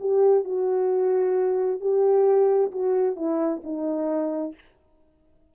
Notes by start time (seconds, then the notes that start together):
0.00 G4
0.44 F#4
1.80 G4
2.71 F#4
3.16 E4
3.63 D#4